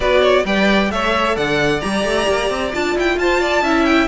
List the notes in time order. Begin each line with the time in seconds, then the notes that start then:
0.00 B3 F#4 B4 D5
0.20 C#5
0.45 G3 B4 D5 G5
0.90 A3 A4 C#5 E5
1.36 D3 D5 F#5
1.80 G3 G4 A#5
2.04 A3
2.27 A#3
2.50 C4
2.73 D4 F4 A5
2.95 E4 G5
3.17 F4 C5 A5
3.40 D5
3.62 C#4 E4 E5
3.85 G5